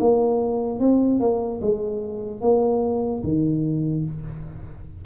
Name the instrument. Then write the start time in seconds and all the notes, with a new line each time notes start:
tuba
0.00 A#3
0.80 C4
1.20 A#3
1.61 G#3
2.41 A#3
3.24 D#3